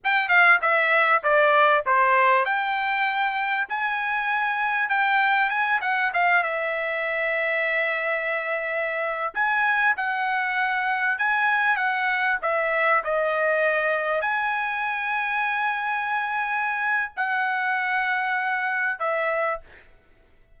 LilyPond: \new Staff \with { instrumentName = "trumpet" } { \time 4/4 \tempo 4 = 98 g''8 f''8 e''4 d''4 c''4 | g''2 gis''2 | g''4 gis''8 fis''8 f''8 e''4.~ | e''2.~ e''16 gis''8.~ |
gis''16 fis''2 gis''4 fis''8.~ | fis''16 e''4 dis''2 gis''8.~ | gis''1 | fis''2. e''4 | }